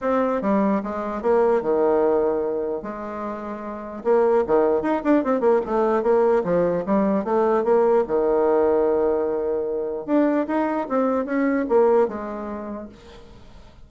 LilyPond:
\new Staff \with { instrumentName = "bassoon" } { \time 4/4 \tempo 4 = 149 c'4 g4 gis4 ais4 | dis2. gis4~ | gis2 ais4 dis4 | dis'8 d'8 c'8 ais8 a4 ais4 |
f4 g4 a4 ais4 | dis1~ | dis4 d'4 dis'4 c'4 | cis'4 ais4 gis2 | }